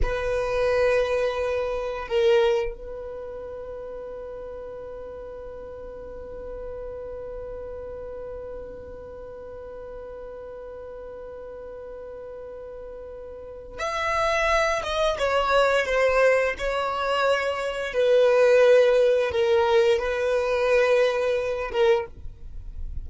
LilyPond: \new Staff \with { instrumentName = "violin" } { \time 4/4 \tempo 4 = 87 b'2. ais'4 | b'1~ | b'1~ | b'1~ |
b'1 | e''4. dis''8 cis''4 c''4 | cis''2 b'2 | ais'4 b'2~ b'8 ais'8 | }